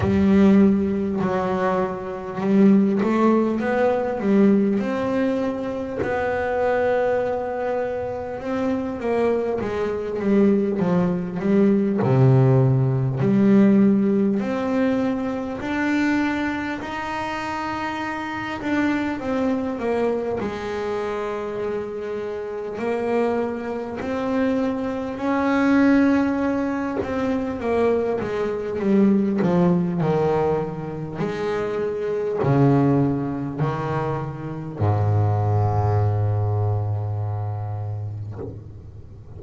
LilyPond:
\new Staff \with { instrumentName = "double bass" } { \time 4/4 \tempo 4 = 50 g4 fis4 g8 a8 b8 g8 | c'4 b2 c'8 ais8 | gis8 g8 f8 g8 c4 g4 | c'4 d'4 dis'4. d'8 |
c'8 ais8 gis2 ais4 | c'4 cis'4. c'8 ais8 gis8 | g8 f8 dis4 gis4 cis4 | dis4 gis,2. | }